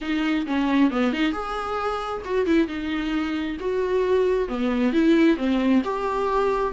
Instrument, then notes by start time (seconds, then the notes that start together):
viola
0.01 D#4
0.46 C#4
0.91 B3
1.12 D#4
1.32 G#4
2.24 F#4
2.45 E4
2.67 D#4
3.60 F#4
4.48 B3
4.93 E4
5.37 C4
5.84 G4